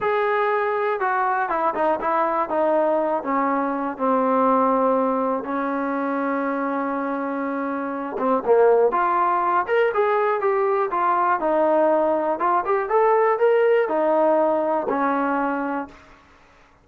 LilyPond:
\new Staff \with { instrumentName = "trombone" } { \time 4/4 \tempo 4 = 121 gis'2 fis'4 e'8 dis'8 | e'4 dis'4. cis'4. | c'2. cis'4~ | cis'1~ |
cis'8 c'8 ais4 f'4. ais'8 | gis'4 g'4 f'4 dis'4~ | dis'4 f'8 g'8 a'4 ais'4 | dis'2 cis'2 | }